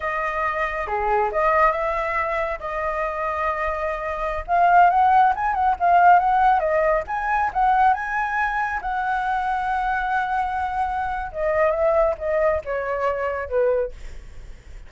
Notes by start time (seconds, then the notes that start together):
0.00 D#5
0.87 G#4
1.31 D#5
1.71 E5
2.59 D#5
4.47 F5
4.89 F#5
5.35 G#5
5.54 F#5
5.79 F5
6.19 F#5
6.59 D#5
7.07 G#5
7.53 F#5
7.93 G#5
8.81 F#5
11.32 D#5
11.71 E5
12.18 D#5
12.64 C#5
13.48 B4